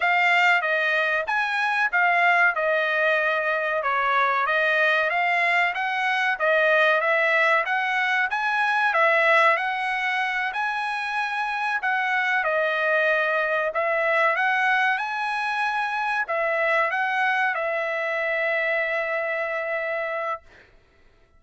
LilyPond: \new Staff \with { instrumentName = "trumpet" } { \time 4/4 \tempo 4 = 94 f''4 dis''4 gis''4 f''4 | dis''2 cis''4 dis''4 | f''4 fis''4 dis''4 e''4 | fis''4 gis''4 e''4 fis''4~ |
fis''8 gis''2 fis''4 dis''8~ | dis''4. e''4 fis''4 gis''8~ | gis''4. e''4 fis''4 e''8~ | e''1 | }